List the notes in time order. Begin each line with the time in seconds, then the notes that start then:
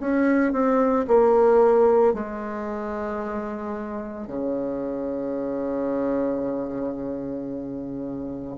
0.00 C#4
0.52 C4
1.08 A#3
2.14 G#3
4.27 C#3